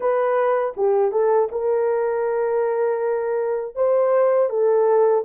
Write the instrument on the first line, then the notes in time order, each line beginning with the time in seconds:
horn
0.00 B4
0.77 G4
1.11 A4
1.51 A#4
3.75 C5
4.49 A4